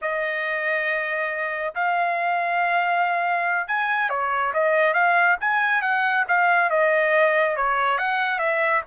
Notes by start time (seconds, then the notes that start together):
0.01 D#5
1.74 F5
3.67 G#5
4.09 C#5
4.53 D#5
4.93 F5
5.40 G#5
5.81 F#5
6.28 F5
6.69 D#5
7.56 C#5
7.98 F#5
8.39 E5